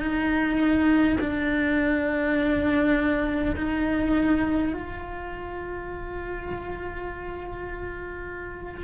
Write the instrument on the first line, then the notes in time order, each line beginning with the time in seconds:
cello
0.00 D#4
1.20 D4
3.56 D#4
4.73 F4